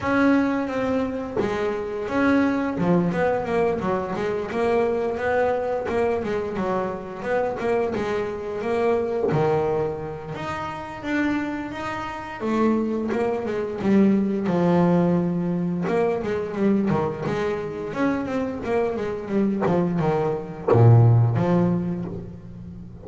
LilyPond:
\new Staff \with { instrumentName = "double bass" } { \time 4/4 \tempo 4 = 87 cis'4 c'4 gis4 cis'4 | f8 b8 ais8 fis8 gis8 ais4 b8~ | b8 ais8 gis8 fis4 b8 ais8 gis8~ | gis8 ais4 dis4. dis'4 |
d'4 dis'4 a4 ais8 gis8 | g4 f2 ais8 gis8 | g8 dis8 gis4 cis'8 c'8 ais8 gis8 | g8 f8 dis4 ais,4 f4 | }